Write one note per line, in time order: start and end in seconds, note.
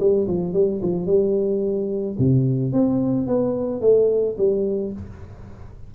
0.00 0.28 G3
0.28 0.54 F3
0.54 0.81 G3
0.82 1.06 F3
1.06 2.16 G3
2.19 2.73 C3
2.73 3.27 C4
3.27 3.82 B3
3.82 4.37 A3
4.38 4.93 G3